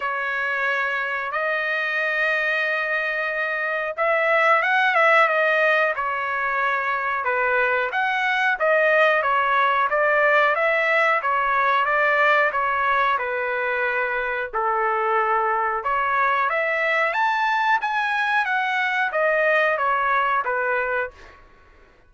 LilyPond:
\new Staff \with { instrumentName = "trumpet" } { \time 4/4 \tempo 4 = 91 cis''2 dis''2~ | dis''2 e''4 fis''8 e''8 | dis''4 cis''2 b'4 | fis''4 dis''4 cis''4 d''4 |
e''4 cis''4 d''4 cis''4 | b'2 a'2 | cis''4 e''4 a''4 gis''4 | fis''4 dis''4 cis''4 b'4 | }